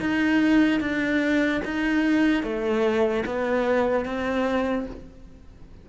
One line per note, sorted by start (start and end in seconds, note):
0.00 0.80 D#4
0.80 1.61 D4
1.65 2.43 D#4
2.43 3.24 A3
3.25 4.05 B3
4.05 4.86 C4